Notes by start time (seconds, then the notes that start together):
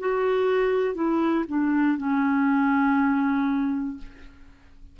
0.00 F#4
0.95 E4
1.48 D4
1.98 C#4